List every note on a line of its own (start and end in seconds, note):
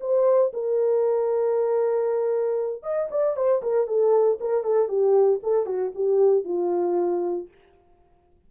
0.00 0.52 C5
0.53 2.82 A#4
2.82 3.08 D#5
3.11 3.36 D5
3.36 3.62 C5
3.62 3.87 A#4
3.87 4.38 A4
4.40 4.63 A#4
4.63 4.88 A4
4.88 5.40 G4
5.43 5.66 A4
5.66 5.92 F#4
5.95 6.44 G4
6.44 7.48 F4